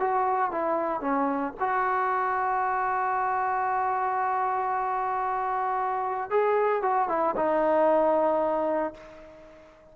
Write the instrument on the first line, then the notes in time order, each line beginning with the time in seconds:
trombone
0.00 F#4
0.52 E4
1.01 C#4
1.60 F#4
6.30 G#4
6.82 F#4
7.09 E4
7.36 D#4